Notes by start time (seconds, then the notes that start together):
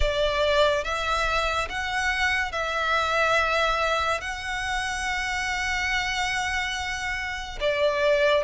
0.00 D5
0.84 E5
1.69 F#5
2.52 E5
4.20 F#5
7.60 D5